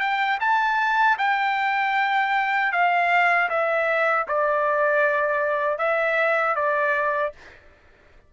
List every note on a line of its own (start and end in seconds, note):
0.00 0.38 G5
0.40 1.17 A5
1.18 2.72 G5
2.72 3.49 F5
3.49 4.26 E5
4.28 5.78 D5
5.78 6.55 E5
6.56 7.33 D5